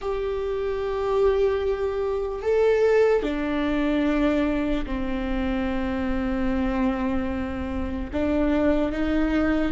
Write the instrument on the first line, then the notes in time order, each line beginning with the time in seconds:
viola
0.01 G4
2.42 A4
3.22 D4
4.86 C4
8.12 D4
8.92 D#4